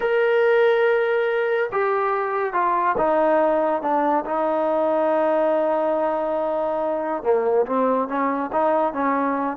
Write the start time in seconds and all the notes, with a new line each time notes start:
0.00 A#4
1.72 G4
2.53 F4
2.97 D#4
3.81 D4
4.25 D#4
7.23 A#3
7.66 C4
8.08 C#4
8.52 D#4
8.93 C#4